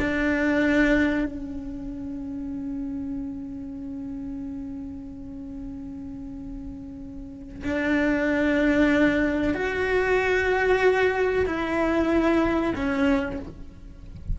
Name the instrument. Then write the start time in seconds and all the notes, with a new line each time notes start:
cello
0.00 D4
1.26 C#4
7.64 D4
9.55 F#4
11.47 E4
12.76 C#4